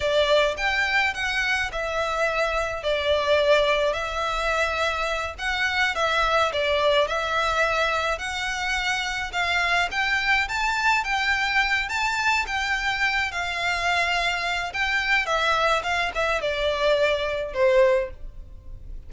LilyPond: \new Staff \with { instrumentName = "violin" } { \time 4/4 \tempo 4 = 106 d''4 g''4 fis''4 e''4~ | e''4 d''2 e''4~ | e''4. fis''4 e''4 d''8~ | d''8 e''2 fis''4.~ |
fis''8 f''4 g''4 a''4 g''8~ | g''4 a''4 g''4. f''8~ | f''2 g''4 e''4 | f''8 e''8 d''2 c''4 | }